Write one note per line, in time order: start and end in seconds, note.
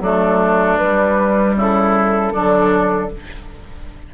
0.00 0.77 F#3
0.00 0.79 A3
0.00 1.55 D4
0.00 0.77 A4
0.77 2.32 G3
0.77 1.55 G3
0.77 1.54 B4
1.55 2.32 C#3
1.55 2.33 E4
1.55 3.14 A4
2.33 3.12 D3
2.33 3.11 F#3
2.33 3.09 D4